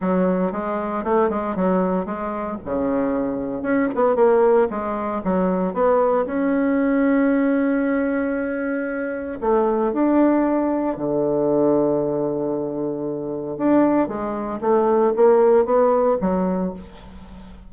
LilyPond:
\new Staff \with { instrumentName = "bassoon" } { \time 4/4 \tempo 4 = 115 fis4 gis4 a8 gis8 fis4 | gis4 cis2 cis'8 b8 | ais4 gis4 fis4 b4 | cis'1~ |
cis'2 a4 d'4~ | d'4 d2.~ | d2 d'4 gis4 | a4 ais4 b4 fis4 | }